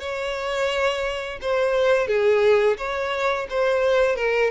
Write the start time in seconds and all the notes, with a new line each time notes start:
0.00 C#5
1.42 C5
2.07 G#4
2.77 C#5
3.50 C5
4.16 A#4